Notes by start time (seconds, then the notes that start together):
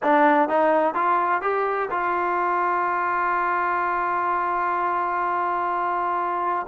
0.02 D4
0.48 D#4
0.94 F4
1.41 G4
1.90 F4